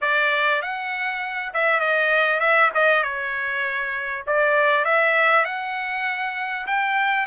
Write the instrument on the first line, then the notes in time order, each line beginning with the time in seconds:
trumpet
0.01 D5
0.61 F#5
1.53 E5
1.80 D#5
2.40 E5
2.74 D#5
3.03 C#5
4.26 D5
4.85 E5
5.45 F#5
6.66 G5